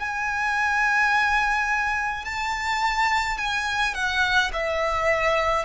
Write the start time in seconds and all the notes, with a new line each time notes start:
0.00 G#5
2.25 A5
3.38 G#5
3.95 F#5
4.53 E5